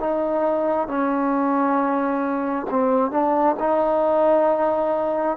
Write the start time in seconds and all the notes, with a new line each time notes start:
0.00 D#4
0.88 C#4
2.70 C4
3.11 D4
3.60 D#4